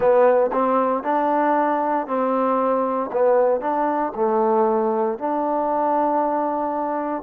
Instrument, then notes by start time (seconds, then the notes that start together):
trombone
0.00 B3
0.52 C4
1.03 D4
2.06 C4
3.12 B3
3.61 D4
4.15 A3
5.18 D4